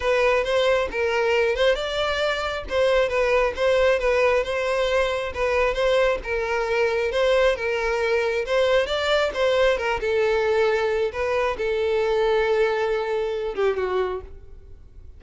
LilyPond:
\new Staff \with { instrumentName = "violin" } { \time 4/4 \tempo 4 = 135 b'4 c''4 ais'4. c''8 | d''2 c''4 b'4 | c''4 b'4 c''2 | b'4 c''4 ais'2 |
c''4 ais'2 c''4 | d''4 c''4 ais'8 a'4.~ | a'4 b'4 a'2~ | a'2~ a'8 g'8 fis'4 | }